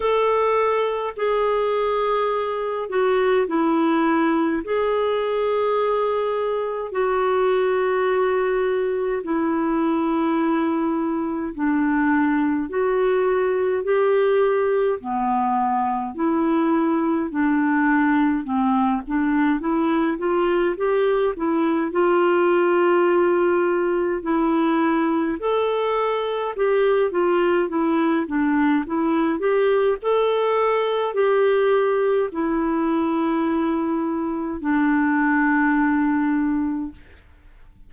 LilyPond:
\new Staff \with { instrumentName = "clarinet" } { \time 4/4 \tempo 4 = 52 a'4 gis'4. fis'8 e'4 | gis'2 fis'2 | e'2 d'4 fis'4 | g'4 b4 e'4 d'4 |
c'8 d'8 e'8 f'8 g'8 e'8 f'4~ | f'4 e'4 a'4 g'8 f'8 | e'8 d'8 e'8 g'8 a'4 g'4 | e'2 d'2 | }